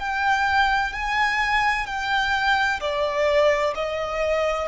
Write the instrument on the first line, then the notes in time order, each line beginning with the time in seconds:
violin
0.00 G5
0.93 G#5
1.87 G5
2.81 D5
3.75 D#5